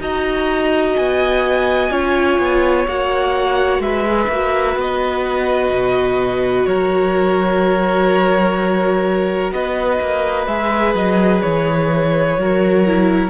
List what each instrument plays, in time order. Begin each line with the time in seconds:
0.00 cello D#4, viola F#4, violin D#5 A#5
0.96 cello B3, violin G#5
1.91 cello C#4, viola F4, violin C#5
2.39 cello B3
2.88 cello A#3, viola F#4, violin F#5
3.80 cello G#3, violin B4 E5
4.08 viola G#4
4.29 cello A#3, viola F#4
4.76 cello B3, violin D#5
5.70 cello B2
6.66 cello F#3, violin A#4 C#5
9.51 cello B3, violin B4 D#5
10.00 cello A#3
10.47 cello G#3, viola G#4, violin E5
10.95 cello F#3, violin D#5
11.42 cello E3, violin C#5
12.38 cello F#3, viola F#4, violin A#4
12.87 viola E4